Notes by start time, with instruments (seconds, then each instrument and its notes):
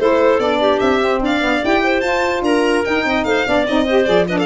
0.00 tuba A3, saxophone E4, clarinet A4, violin C5
0.39 tuba B3, saxophone D4, violin D5
0.60 clarinet G4
0.80 tuba C4, violin E5
1.01 saxophone C4
1.21 tuba D4, clarinet D5, violin F5
1.42 saxophone B3
1.64 tuba E4, saxophone G4, violin G5
1.84 clarinet C5
2.01 tuba F4, saxophone F4, violin A5
2.42 tuba D4, clarinet A#4, violin A#5
2.85 saxophone D#4, tuba D#4, violin G5
3.05 tuba C4, clarinet D#5
3.24 tuba A3, clarinet C5, violin F5
3.46 tuba B3, saxophone D4, clarinet D5
3.68 tuba C4, saxophone D#4, violin D#5
3.86 saxophone G4, clarinet C5
4.05 tuba F3, saxophone G#4, violin D5
4.28 saxophone D4, clarinet B4, violin D#5
4.39 clarinet A4, violin F5